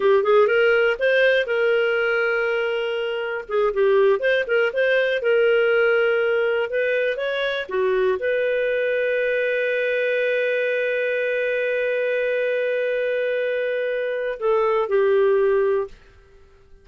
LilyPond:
\new Staff \with { instrumentName = "clarinet" } { \time 4/4 \tempo 4 = 121 g'8 gis'8 ais'4 c''4 ais'4~ | ais'2. gis'8 g'8~ | g'8 c''8 ais'8 c''4 ais'4.~ | ais'4. b'4 cis''4 fis'8~ |
fis'8 b'2.~ b'8~ | b'1~ | b'1~ | b'4 a'4 g'2 | }